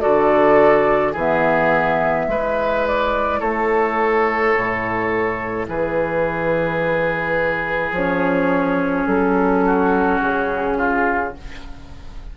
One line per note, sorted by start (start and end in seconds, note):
0.00 1.14 D3
0.00 1.13 F#4
0.00 1.12 A4
0.00 1.13 D5
1.12 2.27 E3
1.12 2.25 G#4
1.12 2.87 E5
1.19 2.29 B3
2.27 3.40 G#3
2.27 7.95 E4
2.27 3.40 B4
2.87 3.40 D5
3.40 4.54 A3
3.40 5.66 A4
3.40 5.66 C#5
4.56 5.68 A2
5.68 7.92 E3
5.68 9.64 G#4
5.68 7.94 B4
7.92 9.05 F3
7.92 11.37 C#4
7.92 9.06 C#5
9.06 10.19 F#3
9.06 10.20 A4
9.64 10.77 F#4
10.21 11.35 C#3
10.21 11.34 G#4
10.77 11.33 F4